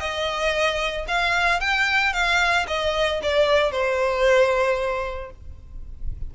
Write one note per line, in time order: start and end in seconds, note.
0.00 1.06 D#5
1.08 1.60 F5
1.60 2.13 G5
2.13 2.66 F5
2.68 3.21 D#5
3.23 3.72 D5
3.72 5.31 C5